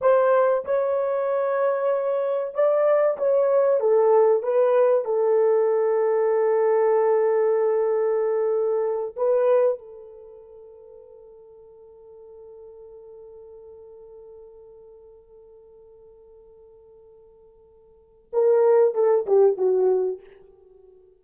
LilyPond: \new Staff \with { instrumentName = "horn" } { \time 4/4 \tempo 4 = 95 c''4 cis''2. | d''4 cis''4 a'4 b'4 | a'1~ | a'2~ a'8 b'4 a'8~ |
a'1~ | a'1~ | a'1~ | a'4 ais'4 a'8 g'8 fis'4 | }